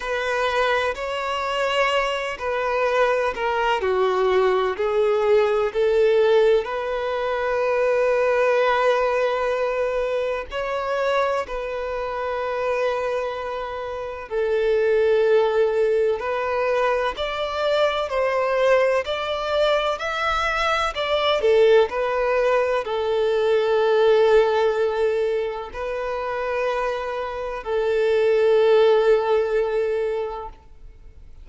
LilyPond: \new Staff \with { instrumentName = "violin" } { \time 4/4 \tempo 4 = 63 b'4 cis''4. b'4 ais'8 | fis'4 gis'4 a'4 b'4~ | b'2. cis''4 | b'2. a'4~ |
a'4 b'4 d''4 c''4 | d''4 e''4 d''8 a'8 b'4 | a'2. b'4~ | b'4 a'2. | }